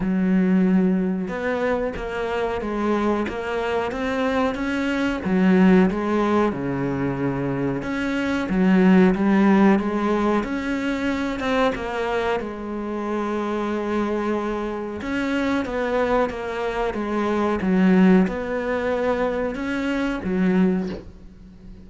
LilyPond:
\new Staff \with { instrumentName = "cello" } { \time 4/4 \tempo 4 = 92 fis2 b4 ais4 | gis4 ais4 c'4 cis'4 | fis4 gis4 cis2 | cis'4 fis4 g4 gis4 |
cis'4. c'8 ais4 gis4~ | gis2. cis'4 | b4 ais4 gis4 fis4 | b2 cis'4 fis4 | }